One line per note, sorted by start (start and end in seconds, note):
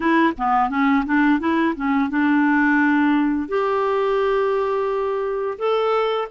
0.00 0.33 E4
0.37 0.69 B3
0.69 1.04 C#4
1.05 1.40 D4
1.40 1.74 E4
1.75 2.09 C#4
2.09 3.48 D4
3.48 5.58 G4
5.58 6.28 A4